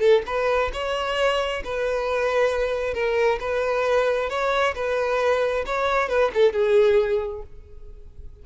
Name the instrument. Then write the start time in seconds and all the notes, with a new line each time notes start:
violin
0.00 A4
0.26 B4
0.73 C#5
1.64 B4
2.94 A#4
3.40 B4
4.30 C#5
4.75 B4
5.66 C#5
6.09 B4
6.34 A4
6.53 G#4